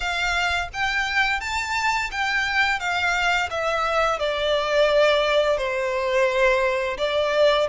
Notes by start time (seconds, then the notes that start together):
0.00 F5
0.73 G5
1.40 A5
2.11 G5
2.79 F5
3.50 E5
4.19 D5
5.57 C5
6.97 D5